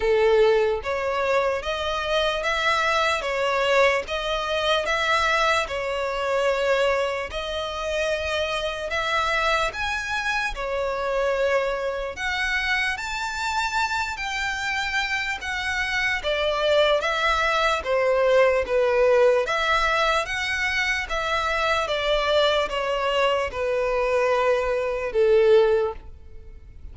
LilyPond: \new Staff \with { instrumentName = "violin" } { \time 4/4 \tempo 4 = 74 a'4 cis''4 dis''4 e''4 | cis''4 dis''4 e''4 cis''4~ | cis''4 dis''2 e''4 | gis''4 cis''2 fis''4 |
a''4. g''4. fis''4 | d''4 e''4 c''4 b'4 | e''4 fis''4 e''4 d''4 | cis''4 b'2 a'4 | }